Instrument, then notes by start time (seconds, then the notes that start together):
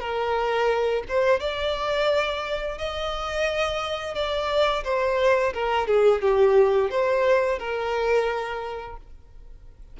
violin
0.00 A#4
1.08 C5
1.40 D5
2.78 D#5
4.15 D5
4.84 C5
5.54 A#4
5.87 G#4
6.22 G4
6.91 C5
7.59 A#4